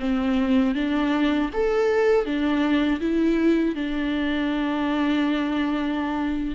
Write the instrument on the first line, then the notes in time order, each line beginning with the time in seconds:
viola
0.00 C4
0.75 D4
1.53 A4
2.25 D4
3.01 E4
3.76 D4